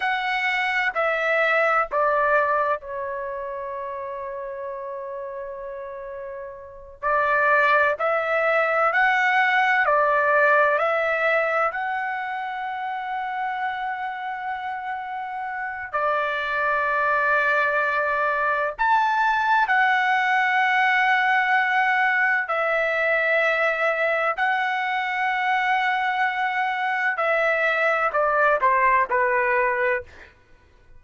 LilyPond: \new Staff \with { instrumentName = "trumpet" } { \time 4/4 \tempo 4 = 64 fis''4 e''4 d''4 cis''4~ | cis''2.~ cis''8 d''8~ | d''8 e''4 fis''4 d''4 e''8~ | e''8 fis''2.~ fis''8~ |
fis''4 d''2. | a''4 fis''2. | e''2 fis''2~ | fis''4 e''4 d''8 c''8 b'4 | }